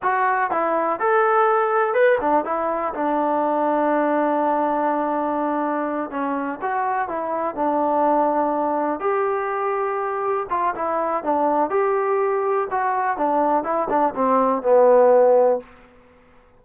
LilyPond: \new Staff \with { instrumentName = "trombone" } { \time 4/4 \tempo 4 = 123 fis'4 e'4 a'2 | b'8 d'8 e'4 d'2~ | d'1~ | d'8 cis'4 fis'4 e'4 d'8~ |
d'2~ d'8 g'4.~ | g'4. f'8 e'4 d'4 | g'2 fis'4 d'4 | e'8 d'8 c'4 b2 | }